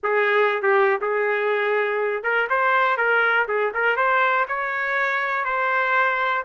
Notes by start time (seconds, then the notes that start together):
0.03 G#4
0.62 G4
1.01 G#4
2.23 A#4
2.49 C5
2.97 A#4
3.48 G#4
3.73 A#4
3.96 C5
4.48 C#5
5.45 C5